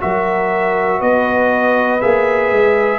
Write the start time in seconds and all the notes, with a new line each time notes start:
0.00 F#3 F#4 A#4 E5
1.00 B3 B4 D#5
2.01 A#3 G#4 E5
2.51 G#3